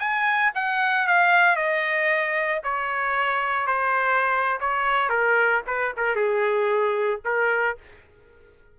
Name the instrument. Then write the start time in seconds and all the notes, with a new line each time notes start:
trumpet
0.00 G#5
0.55 F#5
1.08 F5
1.56 D#5
2.64 C#5
3.67 C5
4.61 C#5
5.10 A#4
5.67 B4
5.97 A#4
6.16 G#4
7.25 A#4